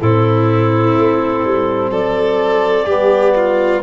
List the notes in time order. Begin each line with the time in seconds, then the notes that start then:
0.00 A2 C4 E4 A4
0.96 A3
1.44 G3
1.90 F#3 A4 D5
2.86 G3 B3 G4
3.36 F4